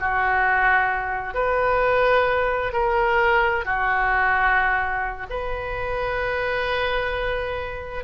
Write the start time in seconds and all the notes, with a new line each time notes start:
0.00 F#4
1.34 B4
2.73 A#4
3.65 F#4
5.30 B4